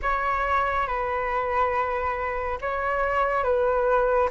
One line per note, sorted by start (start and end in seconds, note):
0.02 0.86 C#5
0.86 2.58 B4
2.61 3.43 C#5
3.43 4.29 B4